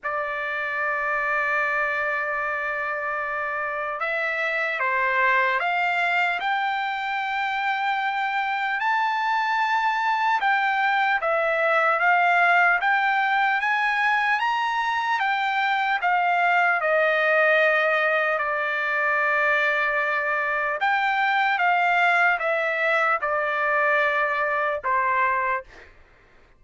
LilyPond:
\new Staff \with { instrumentName = "trumpet" } { \time 4/4 \tempo 4 = 75 d''1~ | d''4 e''4 c''4 f''4 | g''2. a''4~ | a''4 g''4 e''4 f''4 |
g''4 gis''4 ais''4 g''4 | f''4 dis''2 d''4~ | d''2 g''4 f''4 | e''4 d''2 c''4 | }